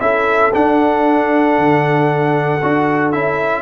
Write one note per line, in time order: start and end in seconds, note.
0.00 0.52 C#4
0.00 0.52 E4
0.00 3.62 A4
0.00 0.52 E5
0.53 2.60 D4
0.53 1.58 D4
0.53 3.12 F#5
1.58 2.61 D3
2.62 3.13 D4
2.62 3.12 F#4
3.12 3.62 C#4
3.12 3.62 E4
3.12 3.62 E5